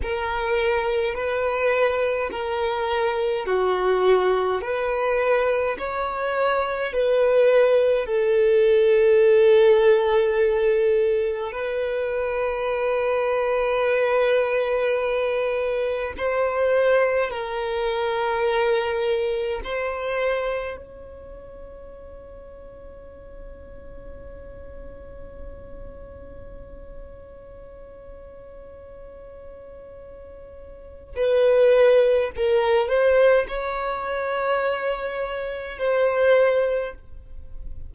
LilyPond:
\new Staff \with { instrumentName = "violin" } { \time 4/4 \tempo 4 = 52 ais'4 b'4 ais'4 fis'4 | b'4 cis''4 b'4 a'4~ | a'2 b'2~ | b'2 c''4 ais'4~ |
ais'4 c''4 cis''2~ | cis''1~ | cis''2. b'4 | ais'8 c''8 cis''2 c''4 | }